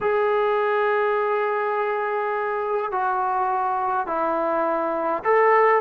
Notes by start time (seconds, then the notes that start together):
0.01 G#4
2.91 F#4
4.06 E4
5.24 A4